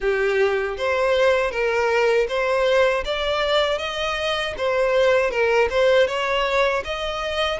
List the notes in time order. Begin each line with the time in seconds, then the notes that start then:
0.00 G4
0.77 C5
1.51 A#4
2.28 C5
3.04 D5
3.78 D#5
4.57 C5
5.30 A#4
5.70 C5
6.07 C#5
6.84 D#5